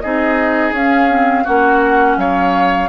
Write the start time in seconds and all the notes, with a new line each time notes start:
0.00 C4 D#4 G#4 D#5
0.71 C#4 F5
1.10 C4
1.43 A#3 C#4 F#4 F#5
2.16 F#3 C#5 F5